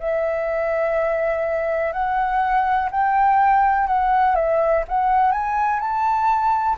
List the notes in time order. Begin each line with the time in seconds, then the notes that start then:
0.00 E5
1.93 F#5
2.92 G5
3.88 F#5
4.36 E5
4.89 F#5
5.32 G#5
5.80 A5